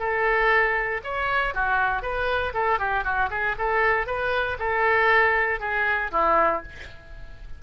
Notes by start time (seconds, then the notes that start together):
0.00 A4
1.04 C#5
1.55 F#4
2.03 B4
2.54 A4
2.79 G4
3.05 F#4
3.31 G#4
3.59 A4
4.07 B4
4.59 A4
5.60 G#4
6.12 E4